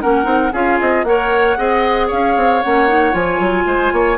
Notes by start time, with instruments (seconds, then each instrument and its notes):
0.00 bassoon A#3, clarinet C#4, oboe A#4, flute F#5
0.23 bassoon C4, clarinet D#4
0.52 bassoon C#4, clarinet F4, oboe G#4, flute F5
0.80 bassoon C4, flute D#5
1.04 bassoon A#3, clarinet A#4, oboe C#5, flute F#5
1.57 bassoon C4, clarinet G#4, oboe D#5
2.07 bassoon C#4, oboe C#5, flute F5
2.36 bassoon C4
2.62 bassoon A#3, clarinet C#4, flute F#5
2.88 clarinet D#4
3.12 bassoon F3, clarinet F4, flute G#5
3.39 bassoon F#3
3.65 bassoon G#3, oboe C5
3.92 bassoon A#3, oboe C#5